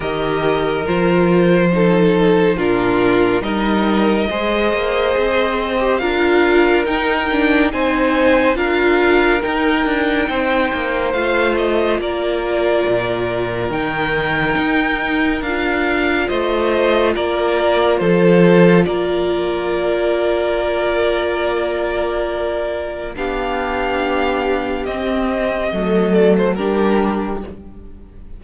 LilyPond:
<<
  \new Staff \with { instrumentName = "violin" } { \time 4/4 \tempo 4 = 70 dis''4 c''2 ais'4 | dis''2. f''4 | g''4 gis''4 f''4 g''4~ | g''4 f''8 dis''8 d''2 |
g''2 f''4 dis''4 | d''4 c''4 d''2~ | d''2. f''4~ | f''4 dis''4. d''16 c''16 ais'4 | }
  \new Staff \with { instrumentName = "violin" } { \time 4/4 ais'2 a'4 f'4 | ais'4 c''2 ais'4~ | ais'4 c''4 ais'2 | c''2 ais'2~ |
ais'2. c''4 | ais'4 a'4 ais'2~ | ais'2. g'4~ | g'2 a'4 g'4 | }
  \new Staff \with { instrumentName = "viola" } { \time 4/4 g'4 f'4 dis'4 d'4 | dis'4 gis'4.~ gis'16 g'16 f'4 | dis'8 d'8 dis'4 f'4 dis'4~ | dis'4 f'2. |
dis'2 f'2~ | f'1~ | f'2. d'4~ | d'4 c'4 a4 d'4 | }
  \new Staff \with { instrumentName = "cello" } { \time 4/4 dis4 f2 ais,4 | g4 gis8 ais8 c'4 d'4 | dis'4 c'4 d'4 dis'8 d'8 | c'8 ais8 a4 ais4 ais,4 |
dis4 dis'4 d'4 a4 | ais4 f4 ais2~ | ais2. b4~ | b4 c'4 fis4 g4 | }
>>